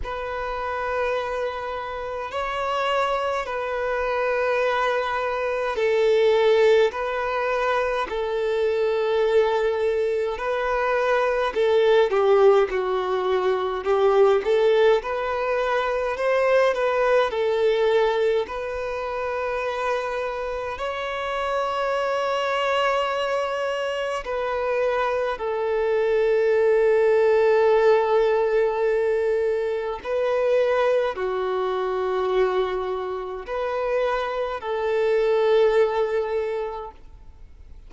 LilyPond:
\new Staff \with { instrumentName = "violin" } { \time 4/4 \tempo 4 = 52 b'2 cis''4 b'4~ | b'4 a'4 b'4 a'4~ | a'4 b'4 a'8 g'8 fis'4 | g'8 a'8 b'4 c''8 b'8 a'4 |
b'2 cis''2~ | cis''4 b'4 a'2~ | a'2 b'4 fis'4~ | fis'4 b'4 a'2 | }